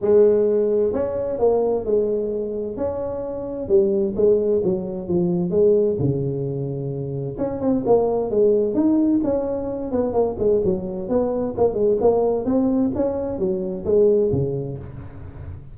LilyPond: \new Staff \with { instrumentName = "tuba" } { \time 4/4 \tempo 4 = 130 gis2 cis'4 ais4 | gis2 cis'2 | g4 gis4 fis4 f4 | gis4 cis2. |
cis'8 c'8 ais4 gis4 dis'4 | cis'4. b8 ais8 gis8 fis4 | b4 ais8 gis8 ais4 c'4 | cis'4 fis4 gis4 cis4 | }